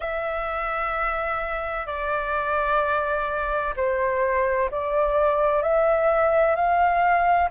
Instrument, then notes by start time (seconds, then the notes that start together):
flute
0.00 E5
1.86 D5
3.76 C5
4.70 D5
5.62 E5
6.55 F5